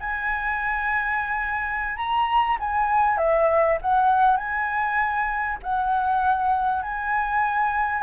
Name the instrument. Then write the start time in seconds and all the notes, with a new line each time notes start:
flute
0.00 G#5
1.97 A#5
2.60 G#5
3.17 E5
3.82 F#5
4.37 G#5
5.63 F#5
6.82 G#5